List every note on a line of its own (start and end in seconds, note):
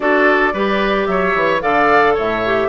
0.00 0.53 D4
0.00 0.53 F#4
0.00 0.53 A4
0.00 1.06 D5
0.53 1.07 G3
0.53 1.60 G4
0.53 1.07 B4
1.06 1.34 F#3
1.06 1.62 C#5
1.06 1.60 E5
1.35 1.62 E3
1.60 2.16 D3
1.60 2.41 A4
1.60 2.14 D5
1.60 2.15 F5
2.14 2.68 A2
2.14 2.68 C#5
2.14 2.68 E5
2.45 2.68 G4